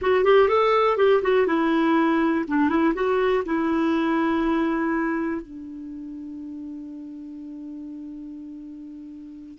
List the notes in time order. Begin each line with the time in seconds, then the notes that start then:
0.01 F#4
0.24 G4
0.48 A4
0.97 G4
1.22 F#4
1.46 E4
2.47 D4
2.69 E4
2.94 F#4
3.45 E4
5.41 D4